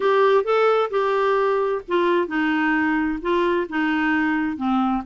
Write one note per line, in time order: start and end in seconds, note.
0.00 0.44 G4
0.44 0.90 A4
0.90 1.82 G4
1.88 2.27 F4
2.27 3.19 D#4
3.21 3.67 F4
3.69 4.56 D#4
4.56 5.02 C4